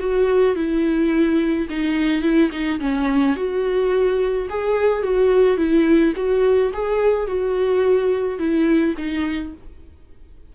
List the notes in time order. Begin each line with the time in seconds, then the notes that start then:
0.00 F#4
0.56 E4
1.70 D#4
2.23 E4
2.52 D#4
2.80 C#4
3.36 F#4
4.50 G#4
5.03 F#4
5.58 E4
6.17 F#4
6.74 G#4
7.27 F#4
8.39 E4
8.98 D#4